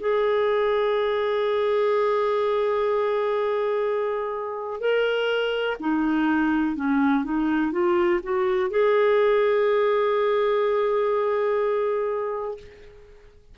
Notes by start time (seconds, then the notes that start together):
0.00 G#4
4.80 A#4
5.80 D#4
6.76 C#4
7.24 D#4
7.72 F4
8.23 F#4
8.71 G#4